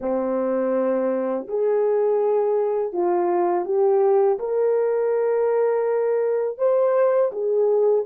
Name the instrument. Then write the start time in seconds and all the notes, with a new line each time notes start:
horn
0.00 C4
1.47 G#4
2.92 F4
3.65 G4
4.39 A#4
6.58 C5
7.32 G#4